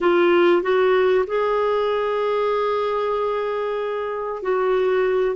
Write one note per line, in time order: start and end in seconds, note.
0.00 0.62 F4
0.62 1.25 F#4
1.26 4.42 G#4
4.42 5.35 F#4